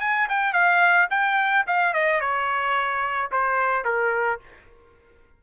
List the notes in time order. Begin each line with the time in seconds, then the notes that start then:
0.00 G#5
0.29 G5
0.53 F5
1.10 G5
1.67 F5
1.93 D#5
2.20 C#5
3.31 C5
3.85 A#4